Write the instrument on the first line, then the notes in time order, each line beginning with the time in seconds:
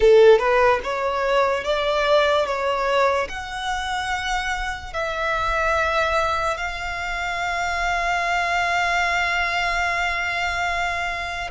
violin
0.00 A4
0.38 B4
0.83 C#5
1.64 D5
2.45 C#5
3.29 F#5
4.93 E5
6.57 F5